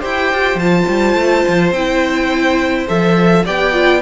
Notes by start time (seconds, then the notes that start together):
0.00 E4 G4 C5 G5
0.33 F4
0.55 F3 F4 A5
0.88 G3
1.15 A3
1.48 F3
1.71 C4 E4 G5
2.88 F3 A4 E5
3.45 B3 G4 D5 G5
3.73 F4